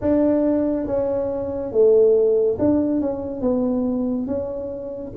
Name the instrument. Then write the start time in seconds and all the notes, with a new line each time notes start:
tuba
0.01 D4
0.86 C#4
1.71 A3
2.59 D4
3.00 C#4
3.41 B3
4.26 C#4